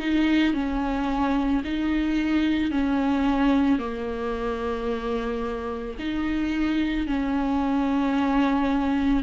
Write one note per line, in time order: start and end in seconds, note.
0.00 0.54 D#4
0.54 1.63 C#4
1.65 2.71 D#4
2.71 3.79 C#4
3.79 5.98 A#3
6.00 7.07 D#4
7.07 9.23 C#4